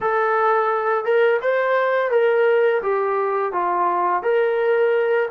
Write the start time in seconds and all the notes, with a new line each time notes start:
0.01 A4
1.04 A#4
1.41 C5
2.10 A#4
2.82 G4
3.52 F4
4.22 A#4